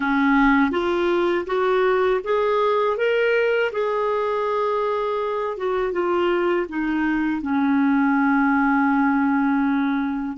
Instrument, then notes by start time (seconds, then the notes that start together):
clarinet
0.00 C#4
0.71 F4
1.46 F#4
2.24 G#4
2.97 A#4
3.72 G#4
5.57 F#4
5.92 F4
6.68 D#4
7.41 C#4